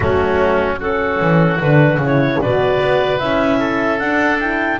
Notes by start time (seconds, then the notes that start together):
0.00 F#3 A3 C#4 F#4
0.79 C#4 F#4 A4
1.20 E3
1.60 D3 D4 B4
1.97 C#3 E4
2.04 C#5
2.41 B2 F#4 B4 D5
2.80 B3
3.19 C#4 E4 E5
3.59 A4
3.99 D4 F#5
4.39 E4 G5